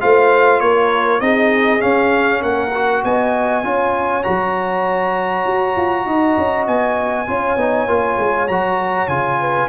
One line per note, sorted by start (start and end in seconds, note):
0.00 0.60 A3
0.00 1.20 F4
0.00 0.61 C5
0.00 0.59 F5
0.59 1.20 A#3
0.59 1.22 A#4
0.59 1.20 C#5
1.20 1.80 C4
1.20 1.79 D#4
1.20 2.41 G#4
1.20 1.81 D#5
1.79 2.70 C#4
1.79 2.42 C#4
1.79 2.42 F5
2.41 3.03 A#3
2.41 3.01 A#4
2.41 3.03 F#5
2.74 3.63 F#4
3.04 3.63 B3
3.04 3.65 D#5
3.04 4.23 G#5
3.63 4.24 C#4
3.63 4.23 F4
3.63 6.06 C#5
4.23 5.45 F#3
4.23 7.26 F#4
4.23 6.65 A#5
5.45 5.76 F#4
5.76 6.06 F4
6.06 6.36 D#4
6.06 7.27 D#5
6.37 6.67 C#4
6.67 7.28 B3
6.67 8.48 G#5
7.27 7.56 C#4
7.27 7.57 F4
7.27 9.39 C#5
7.56 7.86 B3
7.56 7.87 D#4
7.86 8.16 A#3
7.86 8.48 F4
8.18 8.48 G#3
8.48 9.07 F#3
8.48 9.08 F#4
8.48 9.08 A#5
9.07 9.68 C#3
9.07 9.69 F4
9.07 9.68 G#5
9.39 9.69 B4